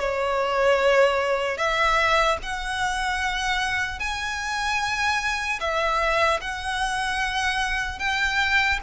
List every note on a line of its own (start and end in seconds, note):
0.00 1.58 C#5
1.58 2.38 E5
2.43 4.00 F#5
4.00 5.60 G#5
5.61 6.41 E5
6.41 8.00 F#5
8.00 8.80 G5